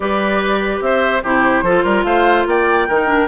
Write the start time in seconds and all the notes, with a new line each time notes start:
0.00 G3 G4 B4 D5
0.80 C4 C5 E5
1.23 C3 E4 G4 C5
1.62 F3 F4 A4
1.83 G3 A#4
2.03 A3 C5 F5
2.46 A#3 D5 G5
2.88 D#3 D#4 A#4
3.06 D4